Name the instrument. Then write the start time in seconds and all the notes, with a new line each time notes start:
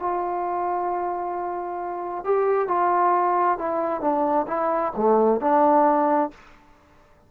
trombone
0.00 F4
2.25 G4
2.68 F4
3.59 E4
4.02 D4
4.48 E4
4.97 A3
5.41 D4